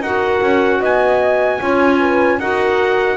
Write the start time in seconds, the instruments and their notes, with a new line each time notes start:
0.00 double bass D#4, clarinet F#4, horn A#4, trumpet F#5
0.41 double bass C#4
0.79 double bass B3, horn D#5, trumpet G#5
1.59 double bass C#4, clarinet F4, horn C#5
1.99 horn B4
2.39 double bass D#4, clarinet F#4, horn A#4, trumpet F#5